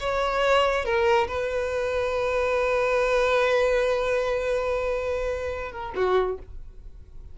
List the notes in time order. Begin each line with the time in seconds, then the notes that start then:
0.00 C#5
0.85 A#4
1.28 B4
5.72 A#4
5.96 F#4